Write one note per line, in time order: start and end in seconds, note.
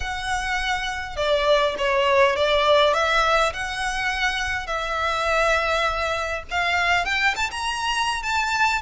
0.00 1.16 F#5
1.16 1.75 D5
1.78 2.36 C#5
2.36 2.93 D5
2.93 3.52 E5
3.53 4.66 F#5
4.66 6.43 E5
6.50 7.05 F5
7.05 7.34 G5
7.35 7.50 A5
7.51 8.22 A#5
8.22 8.81 A5